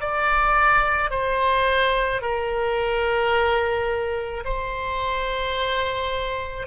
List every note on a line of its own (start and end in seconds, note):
0.00 1.10 D5
1.10 2.21 C5
2.21 4.43 A#4
4.44 6.67 C5